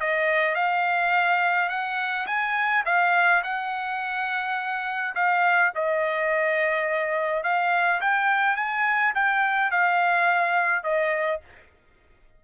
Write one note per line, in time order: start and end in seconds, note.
0.00 0.55 D#5
0.55 1.69 F5
1.69 2.26 F#5
2.26 2.83 G#5
2.85 3.42 F5
3.43 5.14 F#5
5.15 5.72 F5
5.75 7.43 D#5
7.43 8.00 F5
8.01 8.56 G5
8.56 9.13 G#5
9.14 9.70 G5
9.70 10.83 F5
10.83 11.40 D#5